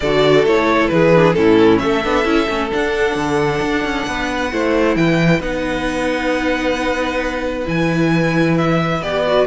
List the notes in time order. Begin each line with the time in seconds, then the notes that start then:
0.00 D3 F#4 A4 D5
0.44 A3 E4 C#5
0.88 E3 G#4 B4
1.15 D4
1.33 A2 C#4 E4 A4
1.79 A3 A4 E5
2.03 B3 D4
2.24 C#4 E4
2.48 A3 C#4
2.70 D4 F#5
3.15 D3
3.61 D4
3.84 C#4
4.07 B3 B4
4.51 A3 E4 C5
4.95 E3 B4 G5
5.40 B3 D#4 F#5
7.65 E3 E4 G#5
8.57 E5
9.01 B3 G4 D5
9.27 F#4